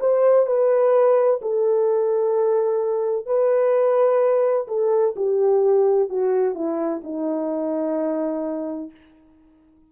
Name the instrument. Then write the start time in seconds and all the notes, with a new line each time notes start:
horn
0.00 C5
0.47 B4
1.42 A4
3.26 B4
4.68 A4
5.16 G4
6.09 F#4
6.55 E4
7.04 D#4